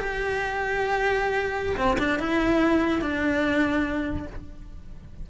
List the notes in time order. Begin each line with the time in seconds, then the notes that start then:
0.00 G4
1.77 C4
1.99 D4
2.20 E4
3.02 D4